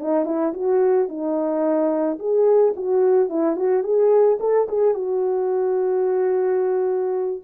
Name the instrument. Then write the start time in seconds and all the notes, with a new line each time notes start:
horn
0.00 D#4
0.26 E4
0.54 F#4
1.09 D#4
2.19 G#4
2.76 F#4
3.30 E4
3.57 F#4
3.84 G#4
4.40 A4
4.69 G#4
4.95 F#4